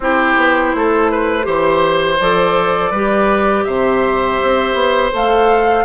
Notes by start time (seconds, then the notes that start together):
0.00 C4 E4 G4 C5
0.36 B3
0.74 A3 A4
1.11 B4
1.43 E3 G4 C5
2.19 F3 A4 D5
2.90 G3 G4 B4
3.64 C3 C5 E5
4.42 C4
4.73 B3
5.12 A3 A4 F5